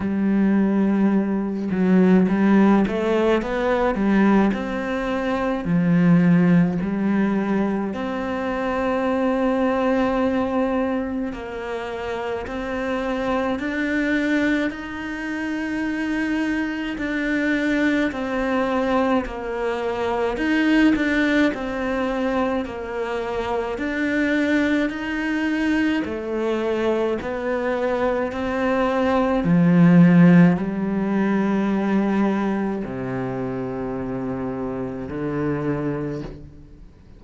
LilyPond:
\new Staff \with { instrumentName = "cello" } { \time 4/4 \tempo 4 = 53 g4. fis8 g8 a8 b8 g8 | c'4 f4 g4 c'4~ | c'2 ais4 c'4 | d'4 dis'2 d'4 |
c'4 ais4 dis'8 d'8 c'4 | ais4 d'4 dis'4 a4 | b4 c'4 f4 g4~ | g4 c2 d4 | }